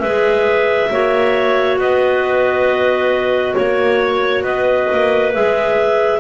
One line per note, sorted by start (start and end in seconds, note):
0.00 0.91 G#3
0.00 0.91 G#4
0.00 0.89 B4
0.00 1.76 E5
0.91 1.79 A#3
0.91 5.32 F#4
0.91 1.79 C#5
1.79 3.55 B3
1.79 3.56 B4
1.79 3.55 D#5
3.55 4.44 A#3
3.55 4.43 C#5
4.43 4.88 B3
4.43 6.19 B4
4.43 5.32 D#5
4.92 5.36 A#3
5.33 6.20 G#3
5.33 6.20 G#4
5.33 6.20 E5